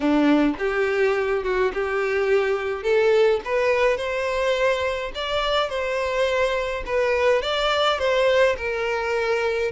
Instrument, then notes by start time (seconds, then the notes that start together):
violin
0.00 D4
0.58 G4
1.43 F#4
1.73 G4
2.83 A4
3.44 B4
3.97 C5
5.14 D5
5.69 C5
6.86 B4
7.42 D5
7.98 C5
8.57 A#4